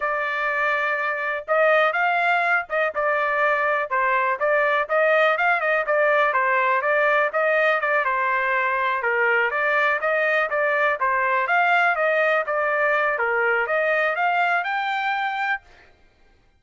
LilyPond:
\new Staff \with { instrumentName = "trumpet" } { \time 4/4 \tempo 4 = 123 d''2. dis''4 | f''4. dis''8 d''2 | c''4 d''4 dis''4 f''8 dis''8 | d''4 c''4 d''4 dis''4 |
d''8 c''2 ais'4 d''8~ | d''8 dis''4 d''4 c''4 f''8~ | f''8 dis''4 d''4. ais'4 | dis''4 f''4 g''2 | }